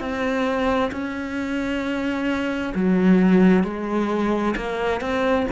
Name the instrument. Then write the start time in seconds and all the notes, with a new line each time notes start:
cello
0.00 C4
0.91 C#4
2.75 F#3
3.64 G#3
4.57 A#3
5.01 C4